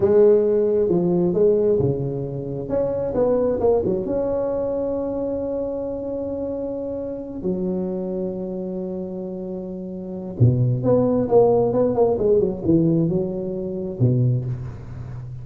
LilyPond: \new Staff \with { instrumentName = "tuba" } { \time 4/4 \tempo 4 = 133 gis2 f4 gis4 | cis2 cis'4 b4 | ais8 fis8 cis'2.~ | cis'1~ |
cis'8 fis2.~ fis8~ | fis2. b,4 | b4 ais4 b8 ais8 gis8 fis8 | e4 fis2 b,4 | }